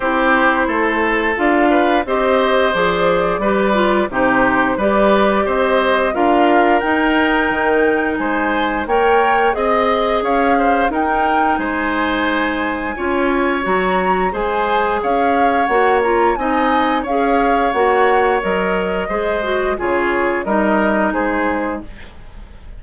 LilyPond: <<
  \new Staff \with { instrumentName = "flute" } { \time 4/4 \tempo 4 = 88 c''2 f''4 dis''4 | d''2 c''4 d''4 | dis''4 f''4 g''2 | gis''4 g''4 dis''4 f''4 |
g''4 gis''2. | ais''4 gis''4 f''4 fis''8 ais''8 | gis''4 f''4 fis''4 dis''4~ | dis''4 cis''4 dis''4 c''4 | }
  \new Staff \with { instrumentName = "oboe" } { \time 4/4 g'4 a'4. b'8 c''4~ | c''4 b'4 g'4 b'4 | c''4 ais'2. | c''4 cis''4 dis''4 cis''8 c''8 |
ais'4 c''2 cis''4~ | cis''4 c''4 cis''2 | dis''4 cis''2. | c''4 gis'4 ais'4 gis'4 | }
  \new Staff \with { instrumentName = "clarinet" } { \time 4/4 e'2 f'4 g'4 | gis'4 g'8 f'8 dis'4 g'4~ | g'4 f'4 dis'2~ | dis'4 ais'4 gis'2 |
dis'2. f'4 | fis'4 gis'2 fis'8 f'8 | dis'4 gis'4 fis'4 ais'4 | gis'8 fis'8 f'4 dis'2 | }
  \new Staff \with { instrumentName = "bassoon" } { \time 4/4 c'4 a4 d'4 c'4 | f4 g4 c4 g4 | c'4 d'4 dis'4 dis4 | gis4 ais4 c'4 cis'4 |
dis'4 gis2 cis'4 | fis4 gis4 cis'4 ais4 | c'4 cis'4 ais4 fis4 | gis4 cis4 g4 gis4 | }
>>